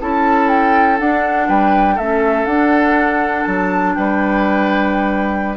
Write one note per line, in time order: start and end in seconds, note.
0.00 1.00 C#4
0.00 0.99 E4
0.00 1.48 A4
0.00 0.49 A5
0.49 0.98 G5
0.99 1.98 D4
0.99 1.49 D4
0.99 1.49 F#5
1.48 1.98 G3
1.48 1.95 B4
1.48 1.98 G5
1.95 2.45 A3
1.95 2.49 C#4
1.95 3.93 A4
1.95 2.45 E5
2.45 3.45 D4
2.45 5.57 D4
2.45 3.44 F#5
3.44 3.96 F#3
3.44 3.94 A5
3.95 5.57 G3
3.95 5.57 B4
3.95 5.56 G5